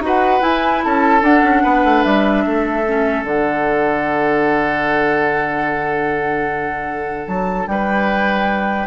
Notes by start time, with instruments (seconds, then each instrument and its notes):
0.00 bassoon D#4, clarinet F#4, oboe B4
0.06 flute F#5
0.40 clarinet E4, bassoon E4, flute G#5
0.84 bassoon C#4, oboe A4, flute A5
1.22 bassoon D4, clarinet D4, flute F#5
1.43 bassoon C#4
1.63 bassoon B3, oboe B4
1.84 bassoon A3
2.03 bassoon G3, flute E5
2.45 bassoon A3, oboe A4
2.87 clarinet C#4
3.23 bassoon D3, clarinet D4, flute F#5
7.27 bassoon F#3, flute A5
7.67 bassoon G3, oboe B4, flute G5